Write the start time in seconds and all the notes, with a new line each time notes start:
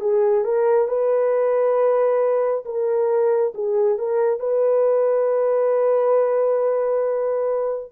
0.00 G#4
0.44 A#4
0.88 B4
2.65 A#4
3.55 G#4
3.98 A#4
4.39 B4